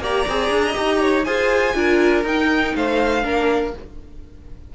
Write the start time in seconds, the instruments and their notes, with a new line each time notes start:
0.00 cello A#3, viola G4, violin D5 A#5
0.29 cello C4, viola G#4
0.50 cello D4
0.66 violin D#5
0.75 cello D#4, viola G4
1.02 violin C#5
1.24 cello F4, viola G#4, violin C5 G#5
1.74 cello D4, viola F4, violin A#4
2.24 cello D#4, viola D#4, violin G5
2.76 cello A3, violin C5 F5
3.23 cello A#3, viola D4, violin A#4